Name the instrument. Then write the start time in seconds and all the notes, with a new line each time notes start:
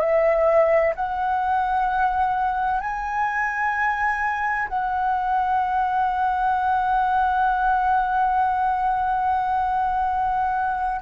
flute
0.00 E5
0.95 F#5
2.80 G#5
4.68 F#5